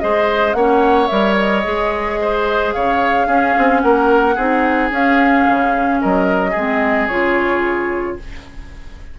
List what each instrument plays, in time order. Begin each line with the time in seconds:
0.00 bassoon G#3, clarinet G#4, oboe C5, flute D#5
0.53 bassoon A#3, clarinet C#4, oboe C#5, flute F#5
1.07 bassoon G3, clarinet A#4, flute E5
1.38 flute D#5
1.64 bassoon G#3, clarinet G#4
2.21 oboe C5
2.72 bassoon C#3, oboe C#5, flute F5
3.27 bassoon C#4, clarinet C#4, oboe G#4
3.58 bassoon C4
3.81 bassoon A#3, oboe A#4, flute F#5
4.35 bassoon C4, clarinet D#4, oboe G#4
4.91 clarinet C#4, bassoon C#4, flute F5
5.48 bassoon C#3
6.02 bassoon F#3, oboe A#4, flute D#5
6.51 bassoon G#3, oboe G#4
6.57 clarinet C4
7.08 bassoon C#3, clarinet F4, flute C#5